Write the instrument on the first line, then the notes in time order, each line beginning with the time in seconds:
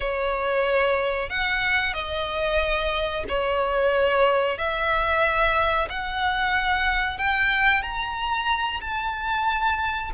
violin
0.00 C#5
1.29 F#5
1.93 D#5
3.28 C#5
4.58 E5
5.89 F#5
7.17 G5
7.82 A#5
8.80 A5